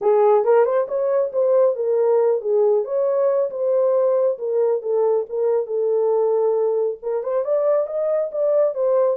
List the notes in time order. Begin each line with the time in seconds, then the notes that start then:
0.01 G#4
0.44 A#4
0.64 C5
0.88 C#5
1.32 C5
1.75 A#4
2.41 G#4
2.84 C#5
3.50 C5
4.38 A#4
4.82 A4
5.29 A#4
5.66 A4
7.02 A#4
7.23 C5
7.44 D5
7.86 D#5
8.31 D5
8.74 C5